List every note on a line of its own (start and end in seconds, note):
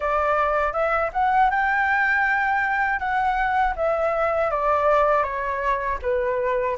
0.00 0.72 D5
0.72 1.10 E5
1.12 1.50 F#5
1.50 2.99 G5
2.99 3.74 F#5
3.76 4.50 E5
4.50 5.23 D5
5.23 5.98 C#5
6.02 6.77 B4